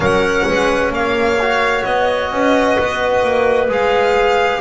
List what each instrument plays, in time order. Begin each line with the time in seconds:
0.00 double bass F#3, trombone C#4, clarinet A#4, violin F#5
0.47 double bass G#3, clarinet B4
0.90 double bass A#3, clarinet C#5, violin F5
1.40 trombone F#4
1.84 double bass B3, violin D#5
2.31 double bass C#4, clarinet B4
2.79 double bass B3
3.23 double bass A#3
3.68 double bass G#3, trombone G#4, violin F5